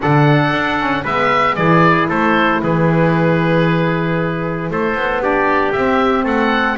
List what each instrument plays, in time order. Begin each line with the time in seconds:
0.00 double bass D3, saxophone D4, trumpet A4, oboe F#5
0.51 double bass D4
0.78 saxophone C#4
1.03 double bass G#3, saxophone B3, trumpet B4, oboe E5
1.55 double bass E3, saxophone E4, trumpet G#4, oboe D5
2.08 double bass A3, trumpet A4, oboe C5
2.62 double bass E3, trumpet G#4, oboe B4
4.70 double bass A3, trumpet A4, oboe C5
4.94 double bass B3
5.21 saxophone D4, trumpet G4, oboe D5
5.72 double bass C4, saxophone C4, oboe E5
6.23 double bass A3, trumpet A4, oboe F#5